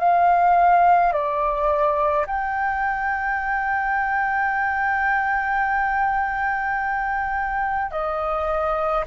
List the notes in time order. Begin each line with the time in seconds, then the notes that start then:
0.00 F5
1.13 D5
2.27 G5
7.92 D#5